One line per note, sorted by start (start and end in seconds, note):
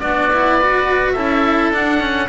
0.00 1.15 B3
0.00 0.31 D4
0.00 0.59 F#4
0.00 1.12 D5
0.33 0.61 E4
0.59 1.16 F#4
0.59 1.14 B4
1.12 1.71 C#4
1.12 1.73 E4
1.12 2.28 A4
1.12 1.69 E5
1.71 2.28 D4
1.71 2.00 D4
1.71 2.29 F#5
2.00 2.28 C#4